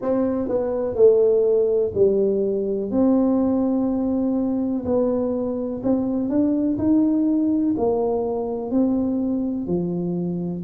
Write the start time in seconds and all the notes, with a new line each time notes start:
0.01 C4
0.48 B3
0.95 A3
1.94 G3
2.90 C4
4.85 B3
5.83 C4
6.29 D4
6.77 D#4
7.77 A#3
8.71 C4
9.66 F3